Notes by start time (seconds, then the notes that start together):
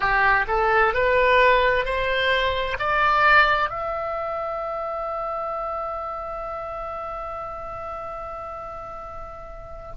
0.00 G4
0.47 A4
0.94 B4
1.85 C5
2.79 D5
3.69 E5